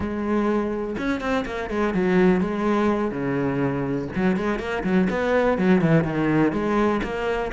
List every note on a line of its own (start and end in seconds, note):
0.00 0.96 G#3
0.98 1.20 C#4
1.20 1.45 C4
1.45 1.69 A#3
1.69 1.94 G#3
1.94 2.40 F#3
2.40 3.11 G#3
3.11 4.08 C#3
4.15 4.36 F#3
4.36 4.59 G#3
4.59 4.83 A#3
4.83 5.08 F#3
5.10 5.58 B3
5.58 5.81 F#3
5.81 6.04 E3
6.04 6.52 D#3
6.52 7.01 G#3
7.03 7.51 A#3